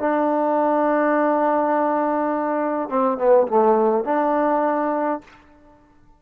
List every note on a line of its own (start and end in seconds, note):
0.00 2.90 D4
2.90 3.18 C4
3.18 3.47 B3
3.48 4.05 A3
4.05 5.22 D4